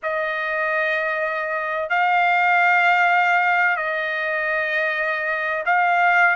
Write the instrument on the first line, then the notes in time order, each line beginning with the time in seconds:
trumpet
0.03 D#5
1.89 F5
3.76 D#5
5.65 F5